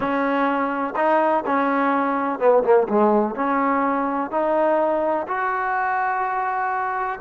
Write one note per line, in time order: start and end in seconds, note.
0.00 0.94 C#4
0.96 1.44 D#4
1.46 2.39 C#4
2.39 2.63 B3
2.63 2.87 A#3
2.88 3.35 G#3
3.35 4.30 C#4
4.30 5.26 D#4
5.27 7.19 F#4